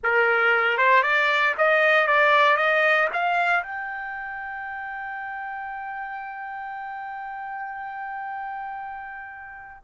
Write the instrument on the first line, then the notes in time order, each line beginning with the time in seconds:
trumpet
0.03 A#4
0.77 C5
1.03 D5
1.57 D#5
2.07 D5
2.56 D#5
3.13 F5
3.63 G5